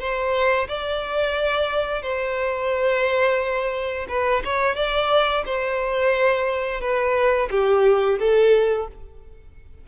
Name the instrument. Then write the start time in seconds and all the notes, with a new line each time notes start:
violin
0.00 C5
0.68 D5
2.03 C5
4.09 B4
4.45 C#5
4.76 D5
5.46 C5
6.81 B4
7.51 G4
8.20 A4